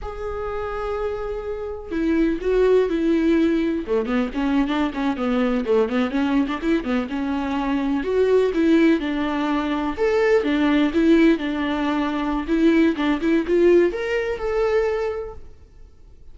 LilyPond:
\new Staff \with { instrumentName = "viola" } { \time 4/4 \tempo 4 = 125 gis'1 | e'4 fis'4 e'2 | a8 b8 cis'8. d'8 cis'8 b4 a16~ | a16 b8 cis'8. d'16 e'8 b8 cis'4~ cis'16~ |
cis'8. fis'4 e'4 d'4~ d'16~ | d'8. a'4 d'4 e'4 d'16~ | d'2 e'4 d'8 e'8 | f'4 ais'4 a'2 | }